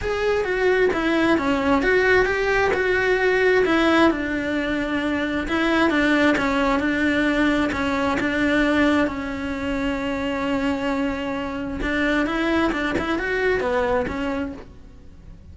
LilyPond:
\new Staff \with { instrumentName = "cello" } { \time 4/4 \tempo 4 = 132 gis'4 fis'4 e'4 cis'4 | fis'4 g'4 fis'2 | e'4 d'2. | e'4 d'4 cis'4 d'4~ |
d'4 cis'4 d'2 | cis'1~ | cis'2 d'4 e'4 | d'8 e'8 fis'4 b4 cis'4 | }